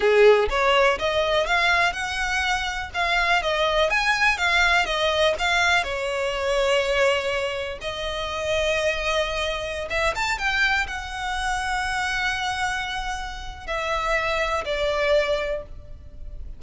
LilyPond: \new Staff \with { instrumentName = "violin" } { \time 4/4 \tempo 4 = 123 gis'4 cis''4 dis''4 f''4 | fis''2 f''4 dis''4 | gis''4 f''4 dis''4 f''4 | cis''1 |
dis''1~ | dis''16 e''8 a''8 g''4 fis''4.~ fis''16~ | fis''1 | e''2 d''2 | }